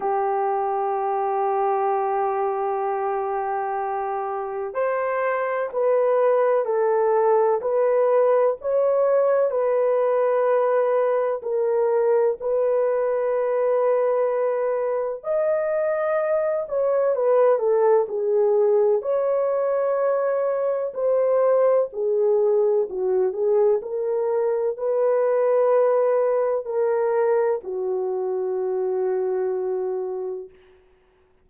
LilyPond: \new Staff \with { instrumentName = "horn" } { \time 4/4 \tempo 4 = 63 g'1~ | g'4 c''4 b'4 a'4 | b'4 cis''4 b'2 | ais'4 b'2. |
dis''4. cis''8 b'8 a'8 gis'4 | cis''2 c''4 gis'4 | fis'8 gis'8 ais'4 b'2 | ais'4 fis'2. | }